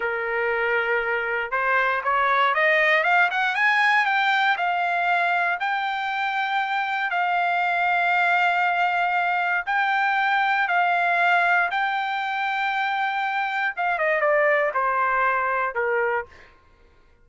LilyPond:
\new Staff \with { instrumentName = "trumpet" } { \time 4/4 \tempo 4 = 118 ais'2. c''4 | cis''4 dis''4 f''8 fis''8 gis''4 | g''4 f''2 g''4~ | g''2 f''2~ |
f''2. g''4~ | g''4 f''2 g''4~ | g''2. f''8 dis''8 | d''4 c''2 ais'4 | }